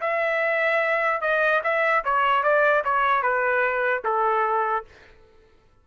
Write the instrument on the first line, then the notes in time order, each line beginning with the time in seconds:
trumpet
0.00 E5
1.21 D#5
1.63 E5
2.04 C#5
2.43 D5
2.84 C#5
3.22 B4
4.04 A4